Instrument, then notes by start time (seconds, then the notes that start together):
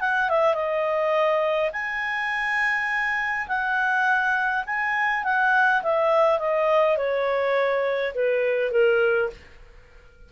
clarinet
0.00 F#5
0.29 E5
0.54 D#5
1.72 G#5
3.48 F#5
4.66 G#5
5.23 F#5
5.82 E5
6.39 D#5
6.97 C#5
8.14 B4
8.71 A#4